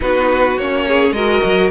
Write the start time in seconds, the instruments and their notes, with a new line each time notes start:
0.00 cello B3, viola D#4, violin F#4 B4
0.56 cello A#3, viola C#4, violin C#5
0.87 violin G#4
1.11 cello G#3, viola F#4, violin A#4 D#5
1.44 cello F#3